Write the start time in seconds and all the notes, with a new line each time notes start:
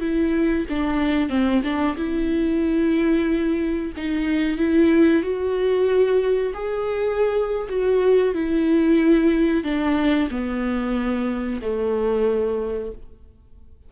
0.00 E4
0.69 D4
1.29 C4
1.64 D4
1.97 E4
3.96 D#4
4.57 E4
5.22 F#4
6.54 G#4
7.69 F#4
8.34 E4
9.63 D4
10.30 B3
11.61 A3